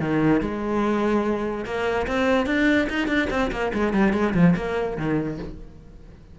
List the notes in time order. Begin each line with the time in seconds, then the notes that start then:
0.00 D#3
0.41 G#3
1.65 A#3
2.07 C4
2.47 D4
2.89 D#4
3.08 D4
3.30 C4
3.52 A#3
3.74 G#3
3.94 G3
4.13 G#3
4.34 F3
4.56 A#3
4.98 D#3